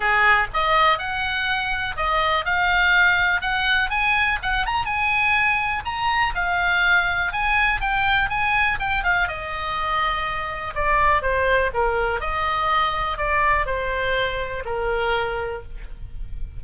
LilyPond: \new Staff \with { instrumentName = "oboe" } { \time 4/4 \tempo 4 = 123 gis'4 dis''4 fis''2 | dis''4 f''2 fis''4 | gis''4 fis''8 ais''8 gis''2 | ais''4 f''2 gis''4 |
g''4 gis''4 g''8 f''8 dis''4~ | dis''2 d''4 c''4 | ais'4 dis''2 d''4 | c''2 ais'2 | }